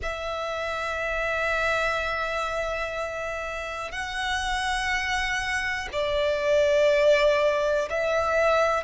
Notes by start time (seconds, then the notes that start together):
0.02 E5
3.91 F#5
5.92 D5
7.90 E5